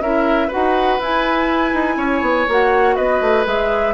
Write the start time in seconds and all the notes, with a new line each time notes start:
0.00 C#4 E4 A#4 E5
0.48 F#4 B4 F#5
0.55 D#4
0.99 E4 G#5
1.73 D#4
1.97 C#4 C#5
2.21 B3
2.48 A#3 F#4 F#5
2.95 B3 B4 D#5
3.21 A3
3.45 G#3 G#4 E5